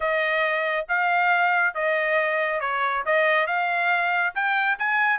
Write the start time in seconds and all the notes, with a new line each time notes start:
0.00 D#5
0.88 F5
1.74 D#5
2.60 C#5
3.05 D#5
3.46 F5
4.35 G5
4.78 G#5